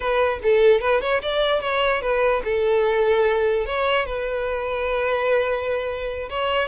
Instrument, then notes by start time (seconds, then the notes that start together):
violin
0.00 B4
0.42 A4
0.80 B4
1.01 C#5
1.22 D5
1.61 C#5
2.01 B4
2.44 A4
3.66 C#5
4.06 B4
6.29 C#5